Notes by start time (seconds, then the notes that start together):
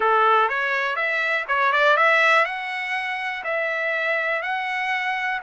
0.00 A4
0.49 C#5
0.96 E5
1.48 C#5
1.72 D5
1.96 E5
2.45 F#5
3.43 E5
4.42 F#5